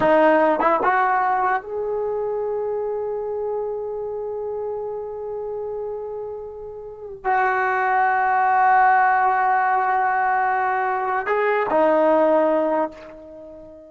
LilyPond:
\new Staff \with { instrumentName = "trombone" } { \time 4/4 \tempo 4 = 149 dis'4. e'8 fis'2 | gis'1~ | gis'1~ | gis'1~ |
gis'2 fis'2~ | fis'1~ | fis'1 | gis'4 dis'2. | }